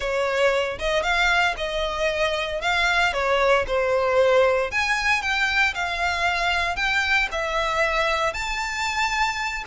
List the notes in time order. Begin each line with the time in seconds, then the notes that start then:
0.00 C#5
0.78 D#5
1.02 F5
1.57 D#5
2.61 F5
3.13 C#5
3.67 C5
4.71 G#5
5.22 G5
5.74 F5
6.76 G5
7.31 E5
8.33 A5